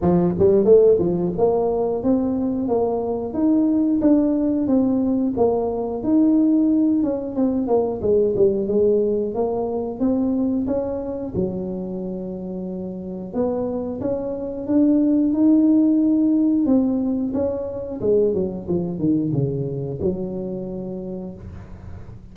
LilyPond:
\new Staff \with { instrumentName = "tuba" } { \time 4/4 \tempo 4 = 90 f8 g8 a8 f8 ais4 c'4 | ais4 dis'4 d'4 c'4 | ais4 dis'4. cis'8 c'8 ais8 | gis8 g8 gis4 ais4 c'4 |
cis'4 fis2. | b4 cis'4 d'4 dis'4~ | dis'4 c'4 cis'4 gis8 fis8 | f8 dis8 cis4 fis2 | }